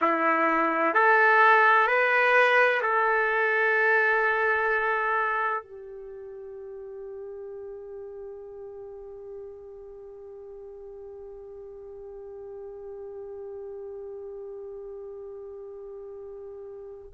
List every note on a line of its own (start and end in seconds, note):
0.01 0.94 E4
0.94 1.87 A4
1.87 2.81 B4
2.81 5.62 A4
5.63 17.11 G4